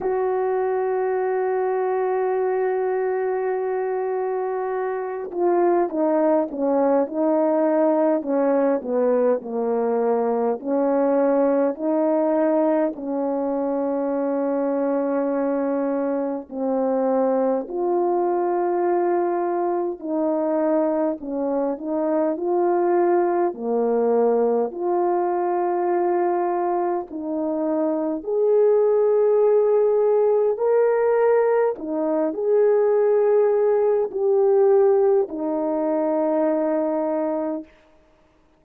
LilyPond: \new Staff \with { instrumentName = "horn" } { \time 4/4 \tempo 4 = 51 fis'1~ | fis'8 f'8 dis'8 cis'8 dis'4 cis'8 b8 | ais4 cis'4 dis'4 cis'4~ | cis'2 c'4 f'4~ |
f'4 dis'4 cis'8 dis'8 f'4 | ais4 f'2 dis'4 | gis'2 ais'4 dis'8 gis'8~ | gis'4 g'4 dis'2 | }